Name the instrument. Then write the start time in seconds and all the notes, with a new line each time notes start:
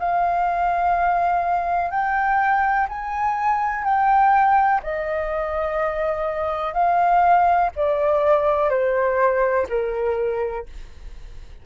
flute
0.00 F5
1.91 G5
2.89 G#5
3.84 G5
4.83 D#5
6.74 F5
7.76 D5
8.70 C5
9.70 A#4